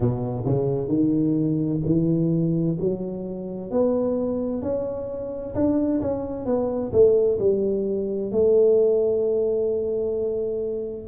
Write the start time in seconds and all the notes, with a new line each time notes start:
0.00 B2
0.45 C#3
0.88 D#3
1.85 E3
2.79 F#3
3.70 B3
4.62 C#4
5.54 D4
6.01 C#4
6.45 B3
6.92 A3
7.39 G3
8.31 A3